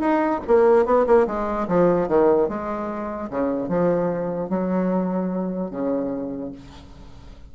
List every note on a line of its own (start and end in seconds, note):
0.00 0.41 D#4
0.48 0.86 A#3
0.86 1.06 B3
1.07 1.27 A#3
1.27 1.68 G#3
1.68 2.08 F3
2.08 2.49 D#3
2.49 3.30 G#3
3.31 3.69 C#3
3.69 4.50 F3
4.50 5.71 F#3
5.71 6.52 C#3